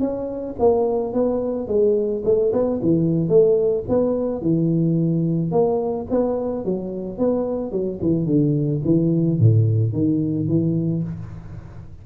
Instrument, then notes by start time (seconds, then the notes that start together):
tuba
0.00 C#4
0.59 A#3
1.13 B3
1.68 G#3
2.25 A3
2.53 B3
2.82 E3
3.29 A3
3.89 B3
4.42 E3
5.52 A#3
6.10 B3
6.65 F#3
7.19 B3
7.72 F#3
8.02 E3
8.26 D3
8.85 E3
9.39 A2
9.93 D#3
10.48 E3